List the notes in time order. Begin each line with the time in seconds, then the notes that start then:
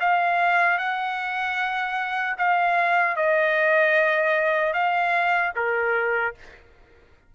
0.00 F5
0.78 F#5
2.38 F5
3.16 D#5
4.73 F5
5.56 A#4